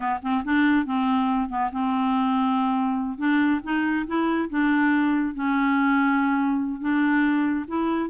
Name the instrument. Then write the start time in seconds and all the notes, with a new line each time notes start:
clarinet
0.00 B3
0.22 C4
0.44 D4
0.85 C4
1.49 B3
1.71 C4
3.18 D4
3.63 D#4
4.06 E4
4.49 D4
5.34 C#4
6.80 D4
7.67 E4